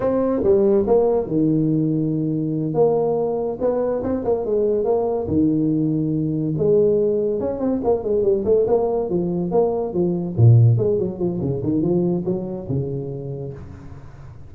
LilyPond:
\new Staff \with { instrumentName = "tuba" } { \time 4/4 \tempo 4 = 142 c'4 g4 ais4 dis4~ | dis2~ dis8 ais4.~ | ais8 b4 c'8 ais8 gis4 ais8~ | ais8 dis2. gis8~ |
gis4. cis'8 c'8 ais8 gis8 g8 | a8 ais4 f4 ais4 f8~ | f8 ais,4 gis8 fis8 f8 cis8 dis8 | f4 fis4 cis2 | }